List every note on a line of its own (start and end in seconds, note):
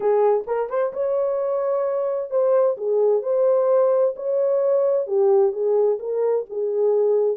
0.00 0.44 G#4
0.46 0.69 A#4
0.69 0.92 C5
0.93 2.30 C#5
2.30 2.76 C5
2.77 3.22 G#4
3.22 4.14 C5
4.16 5.06 C#5
5.06 5.52 G4
5.52 5.98 G#4
5.99 6.45 A#4
6.49 7.37 G#4